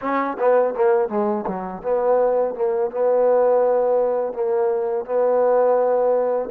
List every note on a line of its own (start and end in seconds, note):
0.01 0.37 C#4
0.38 0.74 B3
0.74 1.08 A#3
1.08 1.45 G#3
1.47 1.82 F#3
1.82 2.54 B3
2.54 2.90 A#3
2.90 4.33 B3
4.33 5.05 A#3
5.05 6.49 B3